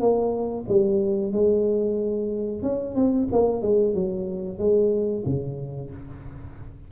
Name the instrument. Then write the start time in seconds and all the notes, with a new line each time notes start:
tuba
0.00 A#3
0.68 G3
1.33 G#3
2.63 C#4
2.95 C4
3.32 A#3
3.62 G#3
3.94 F#3
4.58 G#3
5.26 C#3